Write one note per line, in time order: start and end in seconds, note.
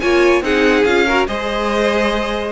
0.00 0.41 A#3
0.00 0.42 F4
0.00 0.43 C#5
0.00 0.42 G#5
0.41 0.83 C4
0.41 0.85 D#4
0.41 1.06 G#4
0.41 0.84 F#5
0.84 1.27 C#4
0.84 1.07 F4
0.84 1.26 F5
1.06 1.27 F#4
1.06 1.27 A#4
1.27 2.52 G#3
1.27 2.52 G#4
1.27 2.52 C5
1.27 2.52 D#5